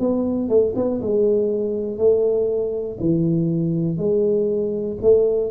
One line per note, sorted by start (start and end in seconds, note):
0.00 0.49 B3
0.49 0.74 A3
0.75 1.00 B3
1.01 1.98 G#3
1.98 2.98 A3
3.00 3.98 E3
3.98 4.98 G#3
5.02 5.50 A3